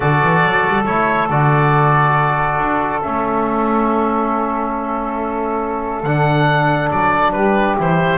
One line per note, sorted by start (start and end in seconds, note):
0.00 0.21 D3
0.00 0.84 F#4
0.00 7.32 A4
0.00 0.84 D5
0.22 0.44 E3
0.44 0.65 F#3
0.67 0.86 G3
0.85 1.29 A3
0.85 1.28 E4
0.85 1.28 C#5
1.29 2.58 D3
1.29 3.02 F#4
1.29 3.01 D5
2.58 3.01 D4
3.01 6.03 A3
3.01 6.04 C#4
3.01 6.03 E5
6.03 6.89 D3
6.03 7.78 D4
6.03 6.89 F#5
6.91 7.32 F#3
6.91 7.32 D5
7.32 7.75 G3
7.32 8.18 G4
7.32 7.75 B4
7.78 8.18 E3
7.78 8.18 E4
7.78 8.18 C5